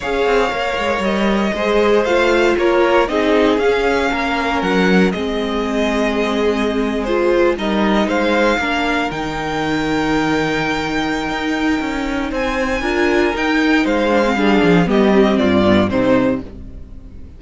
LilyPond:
<<
  \new Staff \with { instrumentName = "violin" } { \time 4/4 \tempo 4 = 117 f''2 dis''2 | f''4 cis''4 dis''4 f''4~ | f''4 fis''4 dis''2~ | dis''4.~ dis''16 c''4 dis''4 f''16~ |
f''4.~ f''16 g''2~ g''16~ | g''1 | gis''2 g''4 f''4~ | f''4 dis''4 d''4 c''4 | }
  \new Staff \with { instrumentName = "violin" } { \time 4/4 cis''2. c''4~ | c''4 ais'4 gis'2 | ais'2 gis'2~ | gis'2~ gis'8. ais'4 c''16~ |
c''8. ais'2.~ ais'16~ | ais'1 | c''4 ais'2 c''4 | gis'4 g'4 f'4 dis'4 | }
  \new Staff \with { instrumentName = "viola" } { \time 4/4 gis'4 ais'2 gis'4 | f'2 dis'4 cis'4~ | cis'2 c'2~ | c'4.~ c'16 f'4 dis'4~ dis'16~ |
dis'8. d'4 dis'2~ dis'16~ | dis'1~ | dis'4 f'4 dis'4. d'16 c'16 | d'4 b8 c'4 b8 c'4 | }
  \new Staff \with { instrumentName = "cello" } { \time 4/4 cis'8 c'8 ais8 gis8 g4 gis4 | a4 ais4 c'4 cis'4 | ais4 fis4 gis2~ | gis2~ gis8. g4 gis16~ |
gis8. ais4 dis2~ dis16~ | dis2 dis'4 cis'4 | c'4 d'4 dis'4 gis4 | g8 f8 g4 g,4 c4 | }
>>